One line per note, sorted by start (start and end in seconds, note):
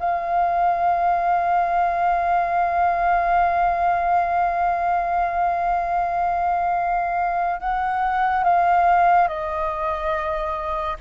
0.00 7.61 F5
7.61 8.44 F#5
8.44 9.28 F5
9.28 10.97 D#5